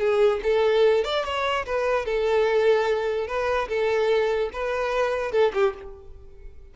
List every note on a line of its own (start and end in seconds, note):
0.00 0.41 G#4
0.43 1.04 A4
1.04 1.25 D5
1.25 1.66 C#5
1.66 2.06 B4
2.06 3.28 A4
3.28 3.69 B4
3.69 4.51 A4
4.53 5.32 B4
5.32 5.53 A4
5.54 5.75 G4